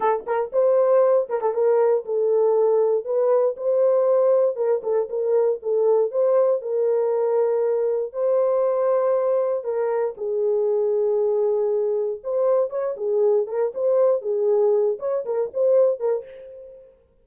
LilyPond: \new Staff \with { instrumentName = "horn" } { \time 4/4 \tempo 4 = 118 a'8 ais'8 c''4. ais'16 a'16 ais'4 | a'2 b'4 c''4~ | c''4 ais'8 a'8 ais'4 a'4 | c''4 ais'2. |
c''2. ais'4 | gis'1 | c''4 cis''8 gis'4 ais'8 c''4 | gis'4. cis''8 ais'8 c''4 ais'8 | }